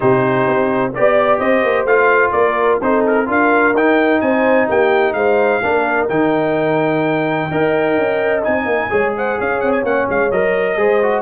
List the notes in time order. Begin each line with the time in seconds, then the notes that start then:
0.00 C3 D#4 G4 C5
0.47 C4
0.94 B3 G4 D5
1.39 C4 C5 D#5
1.63 A#3
1.84 A3 F4 F5
2.31 A#3 A#4 D5
2.81 C4 D#4 A4 C5
3.06 A#4
3.26 D4 F4 A#4 F5
3.73 D#4 G5
4.20 C4 C5 G#5
4.67 A#3 G4 G5
5.13 G#3 C5 F5
5.62 A#3 D4 A#4
6.08 D#3 D#4 G5
7.50 D#4 A#4 D#5
7.97 C#4
8.43 C4 D#4 G#5
8.65 A#3
8.90 G#3 G#4 C#5
9.16 C5 F#5
9.38 C#4 C#5 F5
9.60 C4 F#5
9.72 G#5
9.82 A#3 C#4 F#5
10.09 G#3 F5
10.31 F#3 A#4 D#5
10.76 G#3 G#4 C5
11.02 F#4